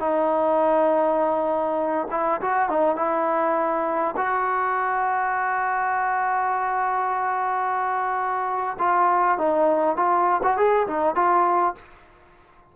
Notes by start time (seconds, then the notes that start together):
0.00 D#4
2.11 E4
2.41 F#4
2.70 D#4
2.96 E4
4.17 F#4
8.79 F4
9.38 D#4
9.97 F4
10.43 F#4
10.57 G#4
10.88 D#4
11.15 F4